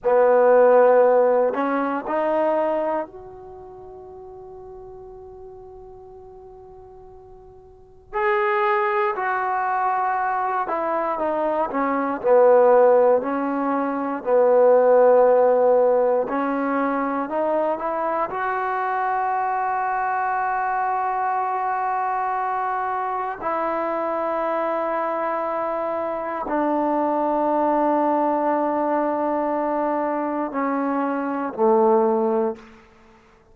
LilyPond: \new Staff \with { instrumentName = "trombone" } { \time 4/4 \tempo 4 = 59 b4. cis'8 dis'4 fis'4~ | fis'1 | gis'4 fis'4. e'8 dis'8 cis'8 | b4 cis'4 b2 |
cis'4 dis'8 e'8 fis'2~ | fis'2. e'4~ | e'2 d'2~ | d'2 cis'4 a4 | }